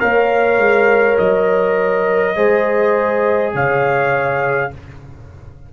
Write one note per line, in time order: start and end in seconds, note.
0.00 0.58 A#3
0.00 2.35 A#4
0.00 2.37 C#5
0.00 1.18 F5
0.58 1.17 G#3
1.18 2.37 F#3
1.18 3.54 D#5
2.36 3.54 G#3
2.36 4.71 G#4
2.36 3.54 C5
3.54 4.72 C#3
3.54 4.72 C#5
3.54 4.74 F5